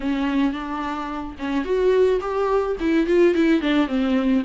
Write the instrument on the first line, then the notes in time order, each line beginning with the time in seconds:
viola
0.00 C#4
0.52 D4
1.39 C#4
1.64 F#4
2.20 G4
2.80 E4
3.07 F4
3.35 E4
3.61 D4
3.87 C4